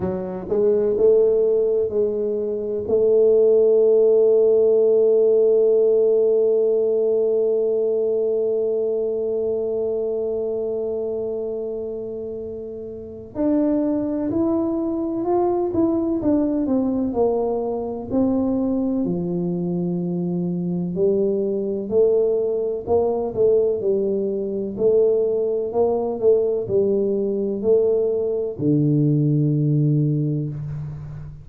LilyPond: \new Staff \with { instrumentName = "tuba" } { \time 4/4 \tempo 4 = 63 fis8 gis8 a4 gis4 a4~ | a1~ | a1~ | a2 d'4 e'4 |
f'8 e'8 d'8 c'8 ais4 c'4 | f2 g4 a4 | ais8 a8 g4 a4 ais8 a8 | g4 a4 d2 | }